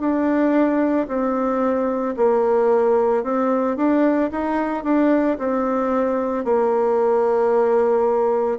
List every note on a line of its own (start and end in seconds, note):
0.00 1.07 D4
1.08 2.15 C4
2.17 3.24 A#3
3.24 3.77 C4
3.77 4.31 D4
4.32 4.84 D#4
4.84 5.38 D4
5.39 6.45 C4
6.45 8.59 A#3